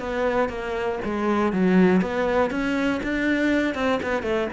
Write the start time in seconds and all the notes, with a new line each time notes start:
0.00 B3
0.49 A#3
1.05 G#3
1.53 F#3
2.02 B3
2.51 C#4
3.03 D4
3.75 C4
4.03 B3
4.23 A3